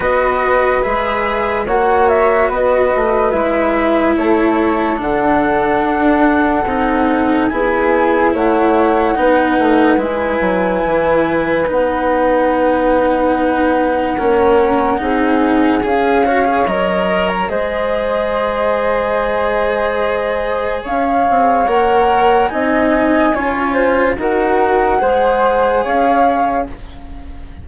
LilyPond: <<
  \new Staff \with { instrumentName = "flute" } { \time 4/4 \tempo 4 = 72 dis''4 e''4 fis''8 e''8 dis''4 | e''4 cis''4 fis''2~ | fis''4 gis''4 fis''2 | gis''2 fis''2~ |
fis''2. f''4 | dis''8. ais''16 dis''2.~ | dis''4 f''4 fis''4 gis''4~ | gis''4 fis''2 f''4 | }
  \new Staff \with { instrumentName = "flute" } { \time 4/4 b'2 cis''4 b'4~ | b'4 a'2.~ | a'4 gis'4 cis''4 b'4~ | b'1~ |
b'4 ais'4 gis'4. cis''8~ | cis''4 c''2.~ | c''4 cis''2 dis''4 | cis''8 c''8 ais'4 c''4 cis''4 | }
  \new Staff \with { instrumentName = "cello" } { \time 4/4 fis'4 gis'4 fis'2 | e'2 d'2 | dis'4 e'2 dis'4 | e'2 dis'2~ |
dis'4 cis'4 dis'4 gis'8 fis'16 gis'16 | ais'4 gis'2.~ | gis'2 ais'4 dis'4 | f'4 fis'4 gis'2 | }
  \new Staff \with { instrumentName = "bassoon" } { \time 4/4 b4 gis4 ais4 b8 a8 | gis4 a4 d4 d'4 | c'4 b4 a4 b8 a8 | gis8 fis8 e4 b2~ |
b4 ais4 c'4 cis'4 | fis4 gis2.~ | gis4 cis'8 c'8 ais4 c'4 | cis'4 dis'4 gis4 cis'4 | }
>>